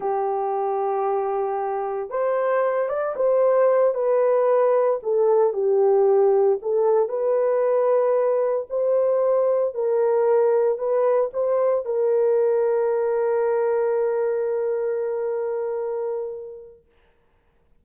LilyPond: \new Staff \with { instrumentName = "horn" } { \time 4/4 \tempo 4 = 114 g'1 | c''4. d''8 c''4. b'8~ | b'4. a'4 g'4.~ | g'8 a'4 b'2~ b'8~ |
b'8 c''2 ais'4.~ | ais'8 b'4 c''4 ais'4.~ | ais'1~ | ais'1 | }